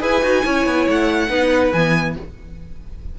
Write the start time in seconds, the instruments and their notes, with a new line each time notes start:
0.00 cello E4, viola G#4, violin B4 G#5
0.22 cello D#4, viola F#4
0.44 cello C#4, viola E4, violin C#5
0.66 cello B3
0.88 cello A3, violin F#5
1.29 cello B3, viola D#4, violin B4
1.72 cello E3, viola B3, violin G#5